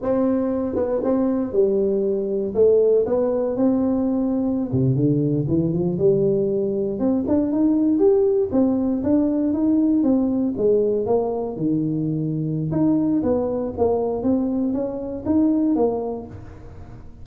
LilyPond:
\new Staff \with { instrumentName = "tuba" } { \time 4/4 \tempo 4 = 118 c'4. b8 c'4 g4~ | g4 a4 b4 c'4~ | c'4~ c'16 c8 d4 e8 f8 g16~ | g4.~ g16 c'8 d'8 dis'4 g'16~ |
g'8. c'4 d'4 dis'4 c'16~ | c'8. gis4 ais4 dis4~ dis16~ | dis4 dis'4 b4 ais4 | c'4 cis'4 dis'4 ais4 | }